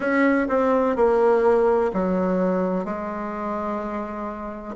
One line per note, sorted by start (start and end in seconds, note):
0.00 0.47 C#4
0.48 0.95 C4
0.95 1.90 A#3
1.93 2.84 F#3
2.84 4.75 G#3